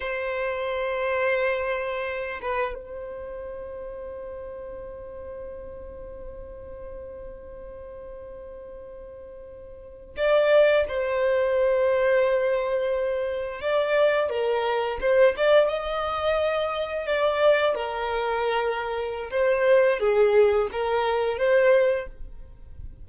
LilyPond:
\new Staff \with { instrumentName = "violin" } { \time 4/4 \tempo 4 = 87 c''2.~ c''8 b'8 | c''1~ | c''1~ | c''2~ c''8. d''4 c''16~ |
c''2.~ c''8. d''16~ | d''8. ais'4 c''8 d''8 dis''4~ dis''16~ | dis''8. d''4 ais'2~ ais'16 | c''4 gis'4 ais'4 c''4 | }